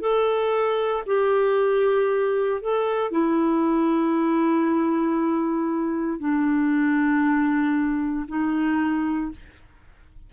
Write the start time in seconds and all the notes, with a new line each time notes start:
0.00 A4
1.06 G4
2.61 A4
3.11 E4
6.19 D4
8.28 D#4